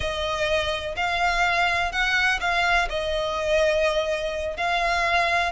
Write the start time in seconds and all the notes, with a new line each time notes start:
0.00 D#5
0.96 F5
1.91 F#5
2.40 F5
2.89 D#5
4.56 F5